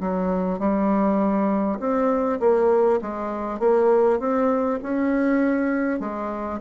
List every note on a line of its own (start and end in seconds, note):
0.00 0.59 F#3
0.59 1.79 G3
1.79 2.39 C4
2.40 3.00 A#3
3.02 3.59 G#3
3.59 4.19 A#3
4.19 4.79 C4
4.83 6.00 C#4
6.00 6.60 G#3